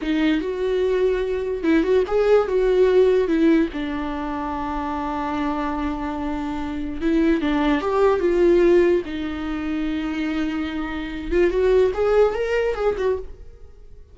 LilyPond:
\new Staff \with { instrumentName = "viola" } { \time 4/4 \tempo 4 = 146 dis'4 fis'2. | e'8 fis'8 gis'4 fis'2 | e'4 d'2.~ | d'1~ |
d'4 e'4 d'4 g'4 | f'2 dis'2~ | dis'2.~ dis'8 f'8 | fis'4 gis'4 ais'4 gis'8 fis'8 | }